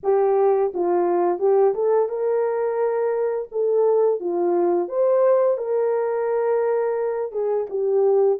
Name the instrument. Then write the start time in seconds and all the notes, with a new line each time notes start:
horn
0.03 G4
0.74 F4
1.39 G4
1.74 A4
2.08 A#4
3.51 A4
4.20 F4
4.88 C5
5.57 A#4
7.32 G#4
7.69 G4